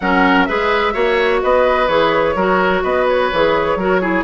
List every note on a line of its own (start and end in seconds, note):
0.00 0.48 F#3
0.00 0.48 C#4
0.00 0.48 A#4
0.00 0.45 F#5
0.45 0.94 G#3
0.45 0.93 G#4
0.45 0.93 B4
0.45 1.39 E5
0.93 1.42 A#3
0.93 1.87 F#4
0.93 1.40 C#5
1.42 1.87 B3
1.42 2.35 B4
1.42 1.87 D#5
1.87 2.35 E3
1.87 2.35 G#4
1.87 2.82 C#5
2.35 2.82 F#3
2.35 3.32 F#4
2.35 2.82 A#4
2.83 3.30 B3
2.83 3.77 B4
2.83 3.06 D#5
3.07 4.24 C#5
3.32 3.75 E3
3.32 3.79 G#4
3.75 4.23 F#3
3.75 4.01 F#4
3.75 4.01 A#4
4.01 4.24 E4
4.01 4.24 G#4